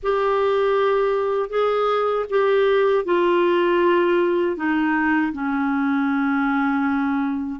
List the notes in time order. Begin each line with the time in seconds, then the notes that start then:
0.02 G4
1.49 G#4
2.29 G4
3.04 F4
4.56 D#4
5.32 C#4